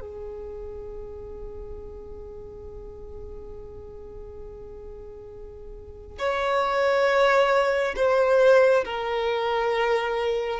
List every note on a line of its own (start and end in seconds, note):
0.00 6.18 G#4
6.18 7.95 C#5
7.96 8.84 C5
8.84 10.60 A#4